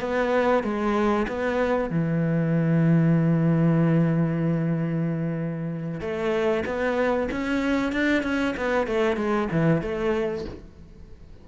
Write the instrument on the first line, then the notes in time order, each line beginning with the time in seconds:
cello
0.00 B3
0.63 G#3
1.27 B3
1.90 E3
6.00 A3
6.65 B3
7.31 C#4
7.92 D4
8.22 C#4
8.56 B3
8.87 A3
9.16 G#3
9.51 E3
9.81 A3